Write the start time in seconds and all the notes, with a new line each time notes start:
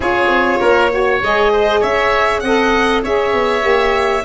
0.00 C#4 F4 G#4 C#5
0.27 C4
0.60 A#3 A#4
0.90 F#4 C#5
1.21 G#3 G#4 D#5
1.52 C5
1.80 C#4 C#5 E5
2.40 C4 A4 D#5 F#5
3.02 C#4 G#4 C#5 E5
3.33 B3
3.61 A#3 G4